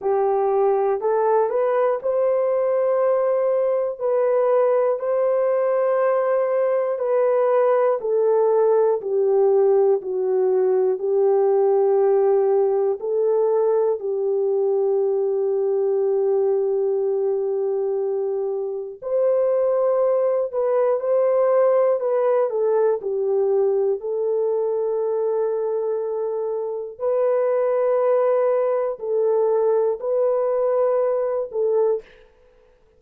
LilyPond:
\new Staff \with { instrumentName = "horn" } { \time 4/4 \tempo 4 = 60 g'4 a'8 b'8 c''2 | b'4 c''2 b'4 | a'4 g'4 fis'4 g'4~ | g'4 a'4 g'2~ |
g'2. c''4~ | c''8 b'8 c''4 b'8 a'8 g'4 | a'2. b'4~ | b'4 a'4 b'4. a'8 | }